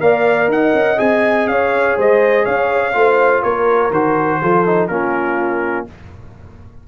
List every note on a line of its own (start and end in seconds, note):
0.00 0.48 A#3
0.00 0.97 A#4
0.00 0.51 D5
0.00 0.49 F5
0.48 0.72 D#4
0.48 1.51 D#5
0.48 0.99 F#5
0.73 0.98 C#4
0.97 1.46 C4
0.97 2.92 G#4
0.97 1.47 G#5
1.46 1.95 C#4
1.46 1.97 C#5
1.46 1.96 F5
1.97 2.46 G#3
1.97 2.45 C5
1.97 2.45 D#5
2.45 2.94 C#4
2.45 2.93 C#5
2.45 3.42 F5
2.93 3.43 A3
2.93 3.91 F4
2.93 3.42 C5
3.42 3.90 A#3
3.42 4.40 A#4
3.42 3.91 C#5
3.90 4.39 D#3
3.90 4.42 F#4
3.90 4.87 C5
4.42 4.88 F3
4.42 4.65 F4
4.42 4.90 A4
4.65 4.89 D#4
4.87 5.86 A#3
4.87 5.87 C#4
4.87 5.87 F4
4.87 5.85 A#4